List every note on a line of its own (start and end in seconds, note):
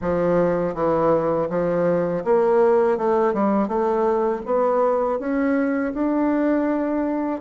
0.01 0.74 F3
0.74 1.48 E3
1.49 2.24 F3
2.24 2.97 A#3
2.97 3.33 A3
3.33 3.68 G3
3.68 4.42 A3
4.45 5.19 B3
5.19 5.93 C#4
5.93 7.40 D4